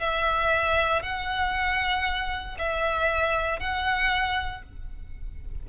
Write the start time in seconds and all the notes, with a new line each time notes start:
0.00 E5
1.03 F#5
2.59 E5
3.60 F#5